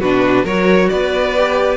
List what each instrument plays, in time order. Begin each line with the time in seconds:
0.00 cello B2, viola D4, violin F#4 B4
0.43 cello F#3, viola F#4, violin A#4 C#5
0.89 cello B3, violin B4 D5
1.36 viola G4